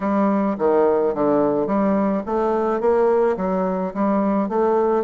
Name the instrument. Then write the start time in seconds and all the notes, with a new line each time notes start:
bassoon
0.00 G3
0.58 D#3
1.14 D3
1.66 G3
2.26 A3
2.80 A#3
3.36 F#3
3.94 G3
4.49 A3